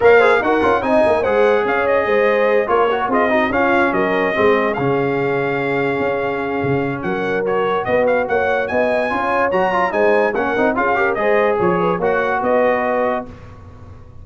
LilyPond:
<<
  \new Staff \with { instrumentName = "trumpet" } { \time 4/4 \tempo 4 = 145 f''4 fis''4 gis''4 fis''4 | f''8 dis''2 cis''4 dis''8~ | dis''8 f''4 dis''2 f''8~ | f''1~ |
f''4 fis''4 cis''4 dis''8 f''8 | fis''4 gis''2 ais''4 | gis''4 fis''4 f''4 dis''4 | cis''4 fis''4 dis''2 | }
  \new Staff \with { instrumentName = "horn" } { \time 4/4 cis''8 c''8 ais'4 dis''4 c''4 | cis''4 c''4. ais'4 gis'8 | fis'8 f'4 ais'4 gis'4.~ | gis'1~ |
gis'4 ais'2 b'4 | cis''4 dis''4 cis''2 | c''4 ais'4 gis'8 ais'8 c''4 | cis''8 b'8 cis''4 b'2 | }
  \new Staff \with { instrumentName = "trombone" } { \time 4/4 ais'8 gis'8 fis'8 f'8 dis'4 gis'4~ | gis'2~ gis'8 f'8 fis'8 f'8 | dis'8 cis'2 c'4 cis'8~ | cis'1~ |
cis'2 fis'2~ | fis'2 f'4 fis'8 f'8 | dis'4 cis'8 dis'8 f'8 g'8 gis'4~ | gis'4 fis'2. | }
  \new Staff \with { instrumentName = "tuba" } { \time 4/4 ais4 dis'8 cis'8 c'8 ais8 gis4 | cis'4 gis4. ais4 c'8~ | c'8 cis'4 fis4 gis4 cis8~ | cis2~ cis8 cis'4. |
cis4 fis2 b4 | ais4 b4 cis'4 fis4 | gis4 ais8 c'8 cis'4 gis4 | f4 ais4 b2 | }
>>